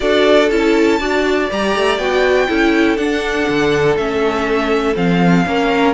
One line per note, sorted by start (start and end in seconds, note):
0.00 0.50 D4
0.00 0.49 F#4
0.00 0.99 A4
0.00 0.49 D5
0.50 1.00 C#4
0.50 1.00 E4
0.50 1.50 A5
0.99 1.49 D4
0.99 1.50 F#4
0.99 2.48 D5
1.51 1.75 G3
1.51 1.99 G4
1.51 1.98 A#5
1.75 1.97 A3
1.97 2.47 B3
1.97 2.48 F#4
1.97 2.97 G5
2.48 2.97 C#4
2.48 2.97 E4
2.48 5.46 A4
2.97 3.47 D4
2.97 3.98 D4
2.97 3.96 F#5
3.48 3.96 D3
3.96 4.95 A3
3.96 4.94 C#4
3.96 4.95 E5
4.94 5.45 F3
4.94 5.44 C4
4.94 5.93 F5
5.45 5.93 A#3
5.45 5.93 C#4
5.45 5.93 A#4